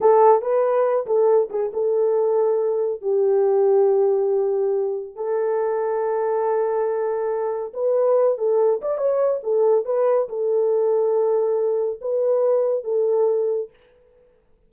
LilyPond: \new Staff \with { instrumentName = "horn" } { \time 4/4 \tempo 4 = 140 a'4 b'4. a'4 gis'8 | a'2. g'4~ | g'1 | a'1~ |
a'2 b'4. a'8~ | a'8 d''8 cis''4 a'4 b'4 | a'1 | b'2 a'2 | }